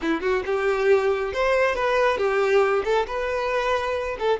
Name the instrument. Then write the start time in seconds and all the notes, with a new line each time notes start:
violin
0.01 E4
0.21 F#4
0.45 G4
1.33 C5
1.75 B4
2.17 G4
2.84 A4
3.07 B4
4.19 A4